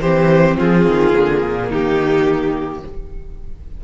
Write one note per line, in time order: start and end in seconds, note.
0.00 0.56 E3
0.00 1.12 C4
0.00 0.57 G4
0.00 0.56 C5
0.57 0.86 F3
0.57 1.67 F4
0.57 1.71 G#4
0.86 1.14 D#3
1.12 1.44 D3
1.12 2.81 A#3
1.44 1.71 A#2
1.67 2.83 D#3
1.67 2.80 D#4
1.67 2.84 G4